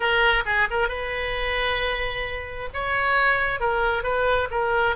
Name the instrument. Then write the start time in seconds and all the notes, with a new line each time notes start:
oboe
0.00 A#4
0.45 G#4
0.70 A#4
0.88 B4
2.73 C#5
3.60 A#4
4.03 B4
4.50 A#4